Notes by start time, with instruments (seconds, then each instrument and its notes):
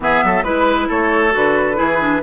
0.00 bassoon E3, clarinet B3, oboe G#4, flute E5
0.23 bassoon F#3, oboe A4
0.43 bassoon G#3, clarinet E4, flute B4, oboe B4
0.88 bassoon A3, oboe A4, flute C#5
1.31 bassoon D3, clarinet F#4, flute B4
1.75 bassoon E3, clarinet E4, oboe G#4
2.00 clarinet D4